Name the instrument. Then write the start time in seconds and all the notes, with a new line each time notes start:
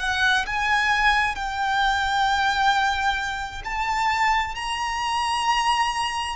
violin
0.00 F#5
0.47 G#5
1.36 G5
3.65 A5
4.55 A#5